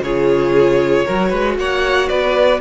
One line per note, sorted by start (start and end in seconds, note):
0.00 1.03 C#3
0.00 1.06 F4
0.00 1.05 G#4
0.00 1.58 C#5
1.05 1.32 F#3
1.05 2.60 F#4
1.05 1.29 A#4
1.29 1.57 G#3
1.29 1.55 B4
1.57 2.09 A#3
1.57 2.09 C#5
1.57 2.08 F#5
2.08 2.60 B3
2.08 2.60 B4
2.08 2.60 D5